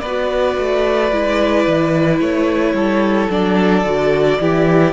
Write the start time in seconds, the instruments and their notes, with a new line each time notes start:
0.00 cello B3, violin B4 D5
0.07 viola F#4
0.58 cello A3
1.12 cello G#3, viola E4
1.68 cello E3
2.21 cello A3, violin C#5
2.74 cello G3, violin A4
3.30 cello F#3, viola D4, violin D5
3.85 cello D3, viola F#4
4.40 cello E3, viola E4, violin G4